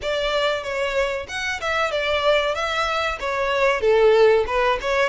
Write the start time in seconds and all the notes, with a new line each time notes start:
0.02 D5
0.63 C#5
1.28 F#5
1.60 E5
1.91 D5
2.54 E5
3.19 C#5
3.80 A4
4.47 B4
4.81 C#5